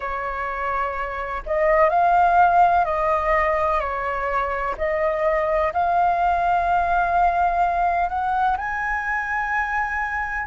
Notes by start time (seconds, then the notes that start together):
0.00 C#5
1.45 D#5
1.89 F5
2.84 D#5
3.80 C#5
4.77 D#5
5.73 F5
8.09 F#5
8.57 G#5